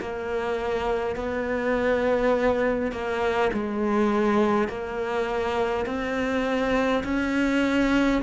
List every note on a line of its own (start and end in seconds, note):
0.00 1.16 A#3
1.16 2.91 B3
2.91 3.50 A#3
3.53 4.68 G#3
4.68 5.86 A#3
5.86 7.03 C4
7.04 8.21 C#4